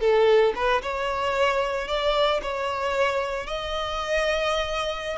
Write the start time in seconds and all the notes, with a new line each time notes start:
0.00 A4
0.55 B4
0.82 C#5
1.87 D5
2.42 C#5
3.46 D#5